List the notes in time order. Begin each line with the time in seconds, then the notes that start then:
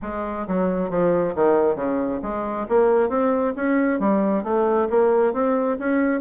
0.02 G#3
0.47 F#3
0.89 F3
1.35 D#3
1.75 C#3
2.22 G#3
2.68 A#3
3.09 C4
3.56 C#4
3.99 G3
4.43 A3
4.89 A#3
5.33 C4
5.79 C#4